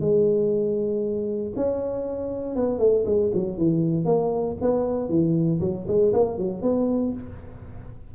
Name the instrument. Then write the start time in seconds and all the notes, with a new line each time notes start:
tuba
0.00 G#3
1.56 C#4
2.56 B3
2.79 A3
3.06 G#3
3.34 F#3
3.57 E3
4.05 A#3
4.61 B3
5.09 E3
5.60 F#3
5.87 G#3
6.13 A#3
6.38 F#3
6.61 B3